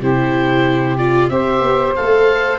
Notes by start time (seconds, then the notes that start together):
0.00 C3 E4 G4 C5
0.97 F4 D5
1.28 C4 G4 C5 E5
1.60 B3
1.96 A3 A4 F5